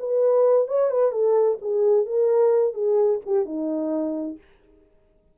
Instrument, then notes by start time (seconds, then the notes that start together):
horn
0.00 B4
0.68 C#5
0.91 B4
1.12 A4
1.62 G#4
2.06 A#4
2.74 G#4
3.26 G4
3.46 D#4